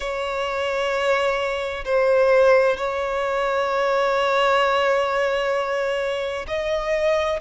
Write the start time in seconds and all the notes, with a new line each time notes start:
0.00 C#5
1.84 C5
2.77 C#5
6.47 D#5